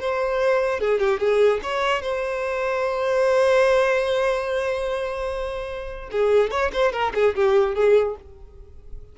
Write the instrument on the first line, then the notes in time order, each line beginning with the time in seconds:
violin
0.00 C5
0.80 G#4
1.00 G4
1.19 G#4
1.62 C#5
2.02 C5
6.11 G#4
6.51 C#5
6.73 C5
6.92 A#4
7.14 G#4
7.35 G4
7.75 G#4